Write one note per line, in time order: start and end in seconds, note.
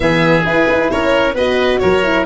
0.00 0.44 E3
0.00 0.43 B3
0.00 0.91 G#4
0.00 0.45 E5
0.44 1.35 E4
0.44 0.67 E4
0.44 0.90 B4
0.68 0.91 D#4
0.90 1.34 C#4
0.90 1.34 A#4
0.90 1.35 C#5
1.34 1.79 B3
1.34 2.03 F#4
1.34 1.79 B4
1.34 1.79 D#5
1.79 2.25 F#3
1.79 2.25 A#4
1.79 2.24 C#5
2.03 2.25 E4